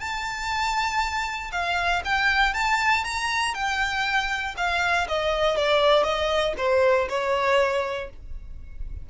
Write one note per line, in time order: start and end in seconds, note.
0.00 1.51 A5
1.52 2.02 F5
2.05 2.54 G5
2.54 3.04 A5
3.04 3.54 A#5
3.54 4.55 G5
4.57 5.07 F5
5.08 5.57 D#5
5.57 6.04 D5
6.04 6.54 D#5
6.58 7.08 C5
7.09 8.10 C#5